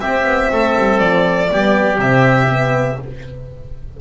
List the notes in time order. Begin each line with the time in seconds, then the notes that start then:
0.00 C4 G4 E5
0.24 B3
0.52 A3 A4
0.78 G3
0.99 F3 D5
1.50 G3 B3 G4
1.98 C3 C4 E5
2.49 B3